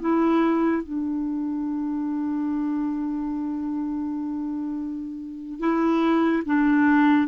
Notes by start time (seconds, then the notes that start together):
0.00 E4
0.83 D4
5.59 E4
6.46 D4